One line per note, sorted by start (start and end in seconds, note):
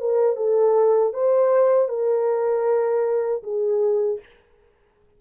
0.00 0.36 A#4
0.36 1.13 A4
1.13 1.89 C5
1.89 3.43 A#4
3.43 4.20 G#4